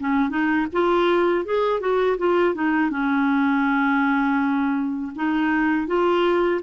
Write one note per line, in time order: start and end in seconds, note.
0.00 0.30 C#4
0.30 0.67 D#4
0.73 1.45 F4
1.45 1.80 G#4
1.80 2.18 F#4
2.19 2.55 F4
2.55 2.91 D#4
2.91 5.13 C#4
5.15 5.87 D#4
5.87 6.61 F4